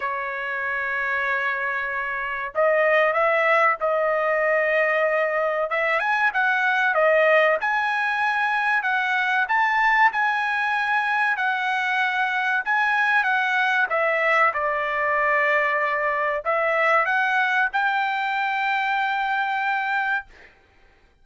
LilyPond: \new Staff \with { instrumentName = "trumpet" } { \time 4/4 \tempo 4 = 95 cis''1 | dis''4 e''4 dis''2~ | dis''4 e''8 gis''8 fis''4 dis''4 | gis''2 fis''4 a''4 |
gis''2 fis''2 | gis''4 fis''4 e''4 d''4~ | d''2 e''4 fis''4 | g''1 | }